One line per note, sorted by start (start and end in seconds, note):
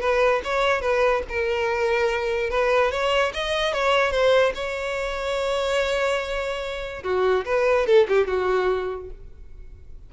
0.00 0.41 B4
0.44 0.81 C#5
0.81 1.22 B4
1.28 2.50 A#4
2.50 2.91 B4
2.91 3.32 C#5
3.33 3.73 D#5
3.73 4.11 C#5
4.11 4.52 C5
4.55 7.03 C#5
7.03 7.45 F#4
7.45 7.86 B4
7.86 8.07 A4
8.08 8.27 G4
8.27 9.10 F#4